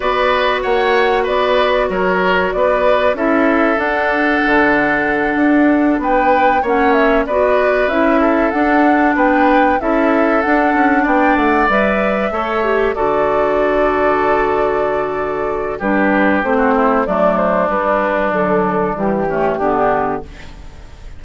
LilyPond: <<
  \new Staff \with { instrumentName = "flute" } { \time 4/4 \tempo 4 = 95 d''4 fis''4 d''4 cis''4 | d''4 e''4 fis''2~ | fis''4. g''4 fis''8 e''8 d''8~ | d''8 e''4 fis''4 g''4 e''8~ |
e''8 fis''4 g''8 fis''8 e''4.~ | e''8 d''2.~ d''8~ | d''4 b'4 c''4 d''8 c''8 | b'4 a'4 g'2 | }
  \new Staff \with { instrumentName = "oboe" } { \time 4/4 b'4 cis''4 b'4 ais'4 | b'4 a'2.~ | a'4. b'4 cis''4 b'8~ | b'4 a'4. b'4 a'8~ |
a'4. d''2 cis''8~ | cis''8 a'2.~ a'8~ | a'4 g'4~ g'16 fis'16 e'8 d'4~ | d'2~ d'8 cis'8 d'4 | }
  \new Staff \with { instrumentName = "clarinet" } { \time 4/4 fis'1~ | fis'4 e'4 d'2~ | d'2~ d'8 cis'4 fis'8~ | fis'8 e'4 d'2 e'8~ |
e'8 d'2 b'4 a'8 | g'8 fis'2.~ fis'8~ | fis'4 d'4 c'4 a4 | g4 fis4 g8 a8 b4 | }
  \new Staff \with { instrumentName = "bassoon" } { \time 4/4 b4 ais4 b4 fis4 | b4 cis'4 d'4 d4~ | d8 d'4 b4 ais4 b8~ | b8 cis'4 d'4 b4 cis'8~ |
cis'8 d'8 cis'8 b8 a8 g4 a8~ | a8 d2.~ d8~ | d4 g4 a4 fis4 | g4 d4 e4 d4 | }
>>